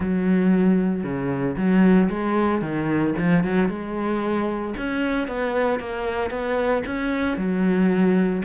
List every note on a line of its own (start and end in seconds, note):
0.00 1.03 F#3
1.03 1.56 C#3
1.56 2.09 F#3
2.09 2.61 G#3
2.61 3.14 D#3
3.17 3.44 F3
3.44 3.68 F#3
3.68 4.73 G#3
4.77 5.27 C#4
5.27 5.79 B3
5.79 6.30 A#3
6.30 6.83 B3
6.85 7.37 C#4
7.37 8.42 F#3